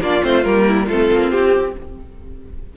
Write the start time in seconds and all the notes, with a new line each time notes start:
0.00 A#3 D4 F4 D5
0.22 A3 C4 C5
0.44 G3 A#3 A#4
0.67 E4
0.86 A3 C4 F4 A4
1.13 A#3
1.30 C4 G4